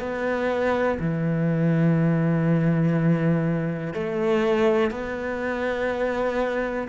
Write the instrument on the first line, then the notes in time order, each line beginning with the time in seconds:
cello
0.00 B3
1.00 E3
3.94 A3
4.91 B3